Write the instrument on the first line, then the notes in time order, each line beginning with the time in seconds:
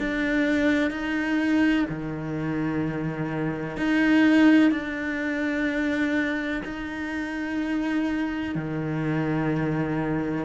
cello
0.00 D4
0.91 D#4
1.89 D#3
3.77 D#4
4.71 D4
6.65 D#4
8.55 D#3